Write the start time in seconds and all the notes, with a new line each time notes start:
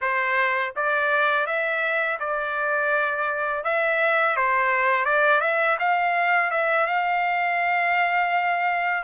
0.01 C5
0.76 D5
1.46 E5
2.19 D5
3.63 E5
4.36 C5
5.05 D5
5.41 E5
5.79 F5
6.51 E5
6.87 F5